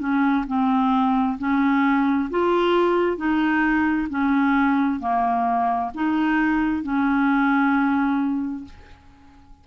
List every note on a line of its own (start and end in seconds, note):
0.00 0.45 C#4
0.48 1.38 C4
1.39 2.30 C#4
2.31 3.17 F4
3.17 4.08 D#4
4.10 5.00 C#4
5.00 5.91 A#3
5.95 6.83 D#4
6.83 8.65 C#4